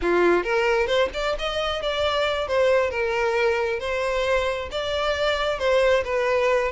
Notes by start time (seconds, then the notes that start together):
0.01 F4
0.43 A#4
0.86 C5
1.13 D5
1.38 D#5
1.81 D5
2.47 C5
2.90 A#4
3.79 C5
4.71 D5
5.58 C5
6.04 B4